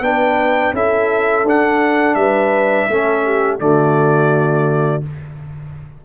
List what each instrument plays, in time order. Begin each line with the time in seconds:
0.00 tuba B3, trombone D4, horn B4, trumpet G5
0.73 tuba C#4, trombone E4, horn A4, trumpet E5
1.44 tuba D4, trombone D4, trumpet F#5
2.14 tuba G3, horn B4, trumpet E5
2.88 tuba A3, trombone C#4, horn A4
3.25 horn G4
3.59 tuba D3, trombone A3, horn F#4, trumpet D5